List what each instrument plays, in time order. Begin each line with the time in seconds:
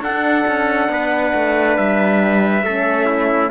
0.00 cello D4, horn D4, trumpet A4 F#5
0.47 cello C#4
0.88 cello B3, trumpet B4
1.34 cello A3
1.77 cello G3, trumpet E5
2.62 cello A3, horn C#4, trumpet A4
3.06 trumpet E4